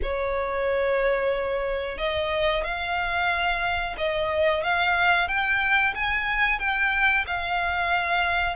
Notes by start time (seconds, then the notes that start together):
0.02 C#5
1.98 D#5
2.63 F5
3.97 D#5
4.63 F5
5.28 G5
5.94 G#5
6.59 G5
7.26 F5